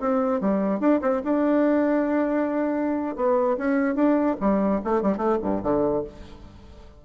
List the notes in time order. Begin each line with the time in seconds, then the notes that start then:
0.00 C4
0.41 G3
0.80 D4
1.01 C4
1.24 D4
3.16 B3
3.58 C#4
3.95 D4
4.40 G3
4.84 A3
5.02 G3
5.17 A3
5.43 G2
5.63 D3